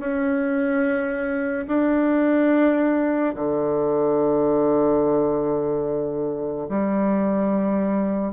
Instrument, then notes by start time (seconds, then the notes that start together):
bassoon
0.00 C#4
1.68 D4
3.36 D3
6.69 G3